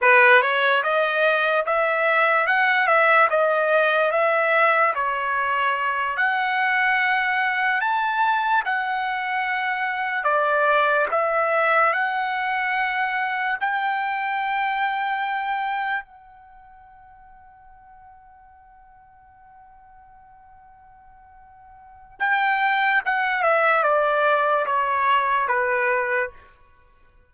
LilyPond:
\new Staff \with { instrumentName = "trumpet" } { \time 4/4 \tempo 4 = 73 b'8 cis''8 dis''4 e''4 fis''8 e''8 | dis''4 e''4 cis''4. fis''8~ | fis''4. a''4 fis''4.~ | fis''8 d''4 e''4 fis''4.~ |
fis''8 g''2. fis''8~ | fis''1~ | fis''2. g''4 | fis''8 e''8 d''4 cis''4 b'4 | }